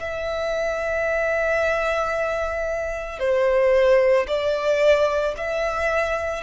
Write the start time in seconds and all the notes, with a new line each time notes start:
0.00 E5
3.19 C5
4.28 D5
5.37 E5